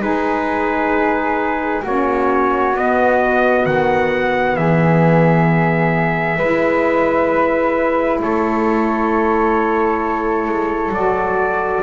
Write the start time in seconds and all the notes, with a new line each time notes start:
0.00 G#3 D#4 G#4 B4
1.83 A#3 C#4 F#4 C#5
2.73 B3 D#5
3.66 D#3 F#5
4.56 E3 G#4 E5
6.37 G#3 E4 B4
8.21 A3 A4 C#5
10.48 G#3
10.89 F#3 F#4 D5